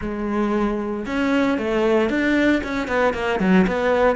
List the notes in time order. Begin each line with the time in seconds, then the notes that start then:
0.01 G#3
1.06 C#4
1.58 A3
2.09 D4
2.63 C#4
2.87 B3
3.13 A#3
3.39 F#3
3.67 B3